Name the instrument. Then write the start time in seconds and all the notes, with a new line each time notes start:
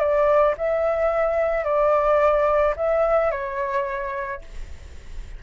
flute
0.00 D5
0.58 E5
1.65 D5
2.76 E5
3.32 C#5